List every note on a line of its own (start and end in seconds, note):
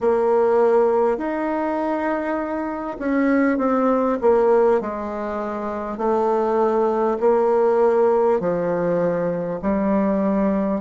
0.00 1.17 A#3
1.17 2.97 D#4
2.98 3.57 C#4
3.57 4.17 C4
4.21 4.81 A#3
4.81 5.97 G#3
5.97 7.17 A3
7.19 8.39 A#3
8.39 9.59 F3
9.62 10.81 G3